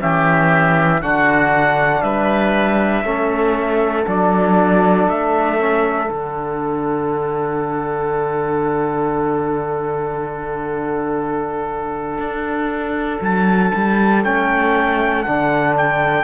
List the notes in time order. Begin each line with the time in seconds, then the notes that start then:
0.00 E3 C#4 G4 E5
1.01 D3 D4 F#4 F#5
2.02 G3 B4 E5
3.04 A3 C#4 A4
4.07 F#3 D4 D5
5.08 A3 E5
5.59 C#4
6.08 D3 D4 F#5
12.18 D4
13.22 F#3 A5
13.75 G3
14.25 A3 C#4 G5
15.24 D3 D4 F#5
15.78 G5